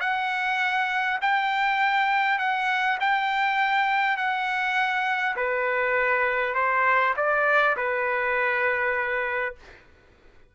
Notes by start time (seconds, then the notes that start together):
0.00 F#5
1.22 G5
2.39 F#5
3.00 G5
4.17 F#5
5.36 B4
6.55 C5
7.17 D5
7.77 B4